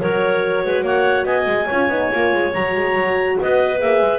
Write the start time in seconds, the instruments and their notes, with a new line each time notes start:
0.00 double bass F#3, horn F#4, clarinet A#4 C#5
0.65 double bass G#3, clarinet B4
0.82 double bass A#3, clarinet C#5 F#5
1.25 double bass B3, clarinet D#5 G#5
1.47 double bass G#3
1.67 double bass C#4, horn F4, clarinet C#5
1.89 double bass B3, horn D#4
2.12 double bass A#3, horn F4
2.33 double bass G#3
2.54 double bass F#3, horn F#4, clarinet A#5
2.75 double bass G#3
2.95 double bass F#3
3.40 double bass B3, clarinet B4 D#5
3.79 double bass A#3, horn G#4, clarinet E5
4.01 double bass G#3